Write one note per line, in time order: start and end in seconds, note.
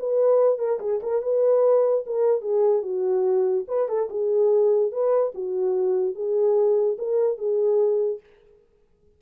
0.00 0.59 B4
0.59 0.80 A#4
0.80 1.01 G#4
1.03 1.23 A#4
1.23 2.05 B4
2.07 2.42 A#4
2.42 2.83 G#4
2.83 3.65 F#4
3.69 3.89 B4
3.89 4.09 A4
4.10 4.92 G#4
4.92 5.33 B4
5.35 6.16 F#4
6.16 6.98 G#4
6.99 7.38 A#4
7.38 8.20 G#4